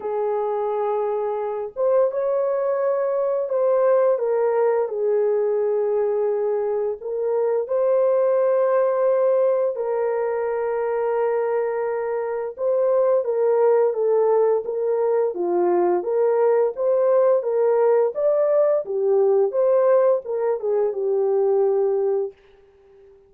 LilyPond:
\new Staff \with { instrumentName = "horn" } { \time 4/4 \tempo 4 = 86 gis'2~ gis'8 c''8 cis''4~ | cis''4 c''4 ais'4 gis'4~ | gis'2 ais'4 c''4~ | c''2 ais'2~ |
ais'2 c''4 ais'4 | a'4 ais'4 f'4 ais'4 | c''4 ais'4 d''4 g'4 | c''4 ais'8 gis'8 g'2 | }